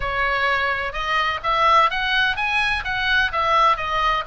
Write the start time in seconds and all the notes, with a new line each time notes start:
0.00 C#5
0.93 D#5
1.43 E5
1.90 F#5
2.36 G#5
2.84 F#5
3.32 E5
3.76 D#5